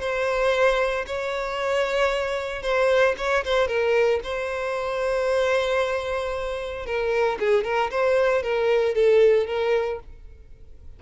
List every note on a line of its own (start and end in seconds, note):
0.00 1.05 C5
1.06 2.62 C#5
2.62 3.15 C5
3.18 3.44 C#5
3.44 3.68 C5
3.68 4.20 A#4
4.24 6.86 C5
6.86 7.39 A#4
7.40 7.64 G#4
7.64 7.90 A#4
7.91 8.43 C5
8.43 8.95 A#4
8.95 9.47 A4
9.47 10.00 A#4